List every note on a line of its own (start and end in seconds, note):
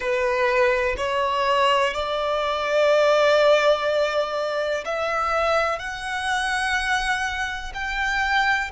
0.00 0.95 B4
0.97 1.94 C#5
1.94 4.84 D5
4.85 5.78 E5
5.78 7.72 F#5
7.74 8.71 G5